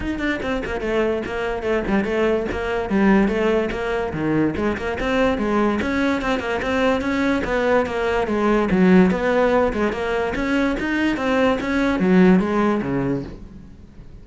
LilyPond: \new Staff \with { instrumentName = "cello" } { \time 4/4 \tempo 4 = 145 dis'8 d'8 c'8 ais8 a4 ais4 | a8 g8 a4 ais4 g4 | a4 ais4 dis4 gis8 ais8 | c'4 gis4 cis'4 c'8 ais8 |
c'4 cis'4 b4 ais4 | gis4 fis4 b4. gis8 | ais4 cis'4 dis'4 c'4 | cis'4 fis4 gis4 cis4 | }